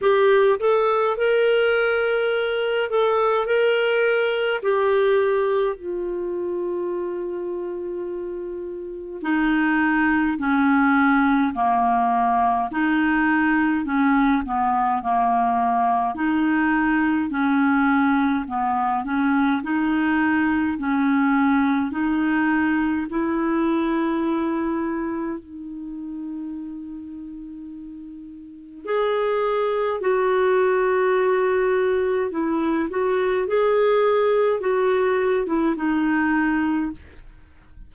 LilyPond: \new Staff \with { instrumentName = "clarinet" } { \time 4/4 \tempo 4 = 52 g'8 a'8 ais'4. a'8 ais'4 | g'4 f'2. | dis'4 cis'4 ais4 dis'4 | cis'8 b8 ais4 dis'4 cis'4 |
b8 cis'8 dis'4 cis'4 dis'4 | e'2 dis'2~ | dis'4 gis'4 fis'2 | e'8 fis'8 gis'4 fis'8. e'16 dis'4 | }